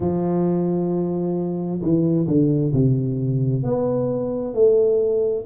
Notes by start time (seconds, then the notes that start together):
0.00 F3
1.81 E3
2.27 D3
2.73 C3
3.63 B3
4.54 A3